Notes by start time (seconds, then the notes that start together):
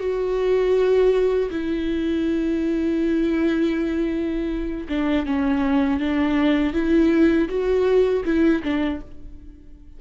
0.00 F#4
1.51 E4
4.89 D4
5.26 C#4
6.00 D4
6.74 E4
7.49 F#4
8.25 E4
8.64 D4